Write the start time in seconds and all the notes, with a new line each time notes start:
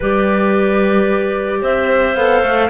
0.00 G3 G4 B4 D5
1.61 C4 C5 E5
2.15 B3 A4 F5
2.42 A3